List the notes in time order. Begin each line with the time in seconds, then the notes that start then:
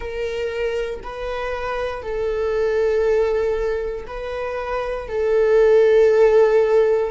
0.00 A#4
1.03 B4
2.02 A4
4.06 B4
5.08 A4